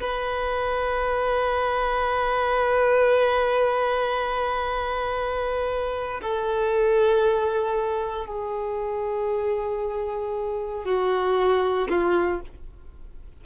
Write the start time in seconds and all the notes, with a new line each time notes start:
0.00 B4
6.21 A4
8.26 G#4
10.84 F#4
11.89 F4